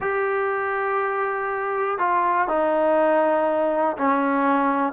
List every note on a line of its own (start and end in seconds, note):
0.00 1.98 G4
1.98 2.47 F4
2.47 3.96 D#4
3.97 4.92 C#4